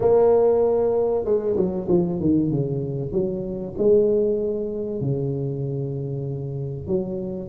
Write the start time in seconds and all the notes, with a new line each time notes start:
0.00 A#3
1.24 G#3
1.56 F#3
1.89 F3
2.20 D#3
2.51 C#3
3.12 F#3
3.78 G#3
5.00 C#3
6.87 F#3